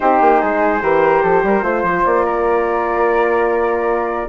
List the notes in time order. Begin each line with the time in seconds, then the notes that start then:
0.00 C4 D#4 G4 C5
0.20 A#3
0.41 G#3 G#4
0.81 E3 G4 A#4
1.22 F3 A4
1.43 G3 A#4
1.62 A3 F4 C5
1.82 F3
2.05 A#3 D5
2.25 A#4